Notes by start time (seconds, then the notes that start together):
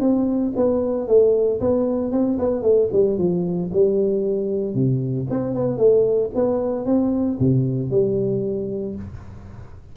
0.00 C4
0.56 B3
1.07 A3
1.60 B3
2.11 C4
2.39 B3
2.62 A3
2.92 G3
3.18 F3
3.73 G3
4.74 C3
5.30 C4
5.54 B3
5.78 A3
6.34 B3
6.85 C4
7.39 C3
7.90 G3